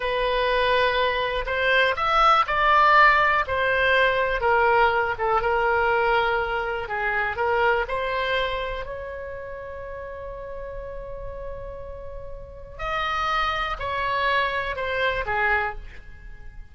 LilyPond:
\new Staff \with { instrumentName = "oboe" } { \time 4/4 \tempo 4 = 122 b'2. c''4 | e''4 d''2 c''4~ | c''4 ais'4. a'8 ais'4~ | ais'2 gis'4 ais'4 |
c''2 cis''2~ | cis''1~ | cis''2 dis''2 | cis''2 c''4 gis'4 | }